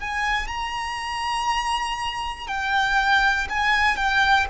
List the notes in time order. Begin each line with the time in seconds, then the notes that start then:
0.00 G#5
0.48 A#5
2.48 G5
3.50 G#5
3.96 G5